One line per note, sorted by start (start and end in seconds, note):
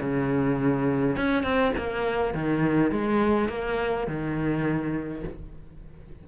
0.00 1.16 C#3
1.16 1.43 C#4
1.43 1.72 C4
1.77 2.34 A#3
2.34 2.91 D#3
2.91 3.49 G#3
3.49 4.07 A#3
4.07 5.23 D#3